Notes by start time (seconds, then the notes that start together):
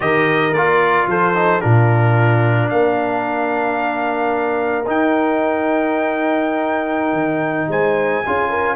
0.00 D#3 G4 A#4 D#5
0.52 A#3 F4 D5
1.06 F3 A4 C5
1.34 D#4
1.60 A#2 D4 F4 A#4
2.69 A#3 A#4 F5
4.86 D#4 G5
7.12 D#3
7.68 G#3 C5 G#5
8.25 C#4 F4 G#4
8.49 A#4